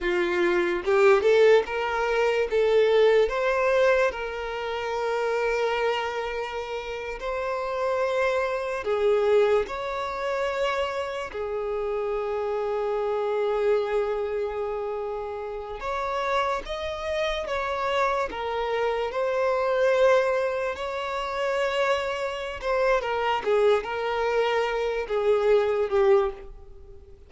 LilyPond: \new Staff \with { instrumentName = "violin" } { \time 4/4 \tempo 4 = 73 f'4 g'8 a'8 ais'4 a'4 | c''4 ais'2.~ | ais'8. c''2 gis'4 cis''16~ | cis''4.~ cis''16 gis'2~ gis'16~ |
gis'2.~ gis'16 cis''8.~ | cis''16 dis''4 cis''4 ais'4 c''8.~ | c''4~ c''16 cis''2~ cis''16 c''8 | ais'8 gis'8 ais'4. gis'4 g'8 | }